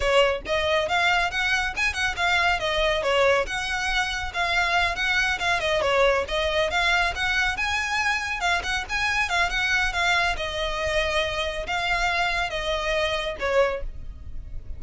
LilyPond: \new Staff \with { instrumentName = "violin" } { \time 4/4 \tempo 4 = 139 cis''4 dis''4 f''4 fis''4 | gis''8 fis''8 f''4 dis''4 cis''4 | fis''2 f''4. fis''8~ | fis''8 f''8 dis''8 cis''4 dis''4 f''8~ |
f''8 fis''4 gis''2 f''8 | fis''8 gis''4 f''8 fis''4 f''4 | dis''2. f''4~ | f''4 dis''2 cis''4 | }